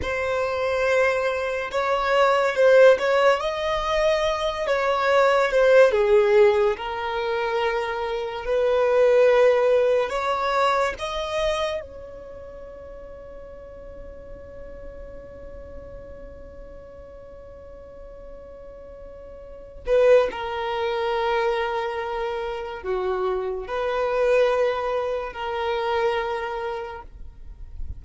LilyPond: \new Staff \with { instrumentName = "violin" } { \time 4/4 \tempo 4 = 71 c''2 cis''4 c''8 cis''8 | dis''4. cis''4 c''8 gis'4 | ais'2 b'2 | cis''4 dis''4 cis''2~ |
cis''1~ | cis''2.~ cis''8 b'8 | ais'2. fis'4 | b'2 ais'2 | }